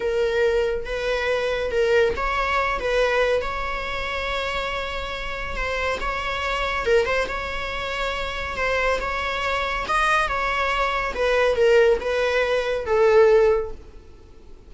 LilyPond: \new Staff \with { instrumentName = "viola" } { \time 4/4 \tempo 4 = 140 ais'2 b'2 | ais'4 cis''4. b'4. | cis''1~ | cis''4 c''4 cis''2 |
ais'8 c''8 cis''2. | c''4 cis''2 dis''4 | cis''2 b'4 ais'4 | b'2 a'2 | }